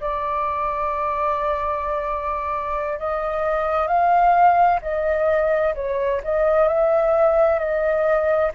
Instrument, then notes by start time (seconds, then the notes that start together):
flute
0.00 D5
2.99 D#5
3.87 F5
4.82 D#5
5.74 C#5
6.23 D#5
6.68 E5
7.59 D#5